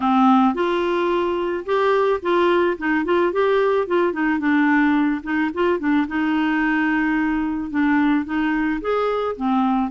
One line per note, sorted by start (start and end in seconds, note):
0.00 0.54 C4
0.54 1.64 F4
1.65 2.20 G4
2.22 2.77 F4
2.78 3.04 D#4
3.04 3.32 F4
3.32 3.87 G4
3.87 4.12 F4
4.12 4.39 D#4
4.39 5.21 D4
5.23 5.50 D#4
5.54 5.79 F4
5.79 6.06 D4
6.07 7.70 D#4
7.70 8.25 D4
8.25 8.80 D#4
8.81 9.36 G#4
9.36 9.90 C4